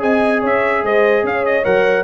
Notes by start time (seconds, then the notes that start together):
0.00 C4 G#4 D#5 G#5
0.41 C#4 C#5 E5
0.84 G#3 C5 D#5
1.24 C#4 C#5 F5
1.46 D#5
1.64 F#3 A#4 F#5